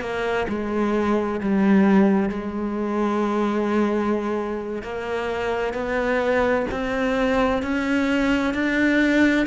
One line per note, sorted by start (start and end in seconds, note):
0.00 0.46 A#3
0.48 1.40 G#3
1.40 2.29 G3
2.29 4.82 G#3
4.82 5.74 A#3
5.74 6.66 B3
6.71 7.62 C4
7.62 8.54 C#4
8.54 9.46 D4